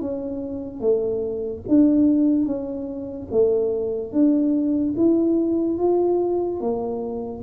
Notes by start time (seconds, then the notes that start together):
0.00 C#4
0.80 A3
1.68 D4
2.45 C#4
3.31 A3
4.12 D4
4.96 E4
5.78 F4
6.60 A#3